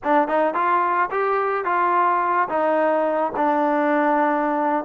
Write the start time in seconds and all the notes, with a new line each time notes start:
0.03 D4
0.28 D#4
0.54 F4
1.10 G4
1.65 F4
2.48 D#4
3.36 D4